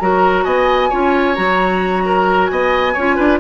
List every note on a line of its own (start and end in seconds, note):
0.00 0.45 F#3
0.00 0.91 F#4
0.00 0.45 A#4
0.00 0.45 A#5
0.45 0.91 B3
0.45 0.90 D#5
0.45 1.36 G#5
0.90 1.38 C#4
0.90 1.36 F4
0.90 2.04 C#5
1.36 2.51 F#3
1.36 2.95 F#4
1.36 2.47 A#5
2.06 2.51 A#4
2.47 2.96 B3
2.47 2.94 D#5
2.47 3.38 G#5
2.94 3.19 C#4
2.94 3.41 F4
2.94 3.16 C#5
3.16 3.41 D4
3.16 3.39 B4